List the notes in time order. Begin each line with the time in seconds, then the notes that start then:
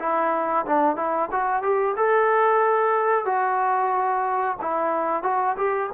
0.00 E4
0.66 D4
0.97 E4
1.32 F#4
1.63 G4
1.97 A4
3.26 F#4
4.62 E4
5.24 F#4
5.57 G4